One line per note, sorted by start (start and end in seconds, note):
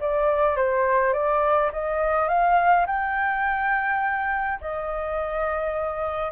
0.00 0.56 D5
0.56 1.13 C5
1.13 1.70 D5
1.72 2.28 D#5
2.28 2.86 F5
2.86 4.59 G5
4.60 6.32 D#5